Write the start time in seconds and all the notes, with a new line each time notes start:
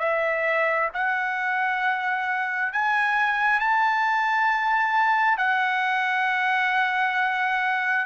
0.00 E5
0.94 F#5
2.73 G#5
3.60 A5
5.38 F#5